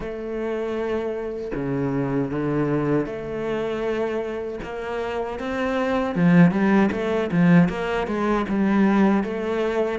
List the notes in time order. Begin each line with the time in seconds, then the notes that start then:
0.00 A3
1.54 C#3
2.31 D3
3.06 A3
4.63 A#3
5.39 C4
6.15 F3
6.51 G3
6.91 A3
7.31 F3
7.68 A#3
8.07 G#3
8.48 G3
9.23 A3